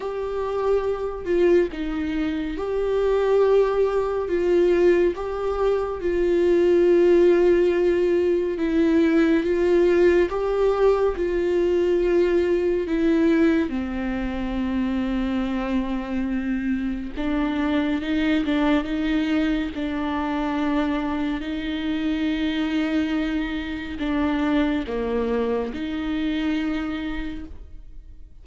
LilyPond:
\new Staff \with { instrumentName = "viola" } { \time 4/4 \tempo 4 = 70 g'4. f'8 dis'4 g'4~ | g'4 f'4 g'4 f'4~ | f'2 e'4 f'4 | g'4 f'2 e'4 |
c'1 | d'4 dis'8 d'8 dis'4 d'4~ | d'4 dis'2. | d'4 ais4 dis'2 | }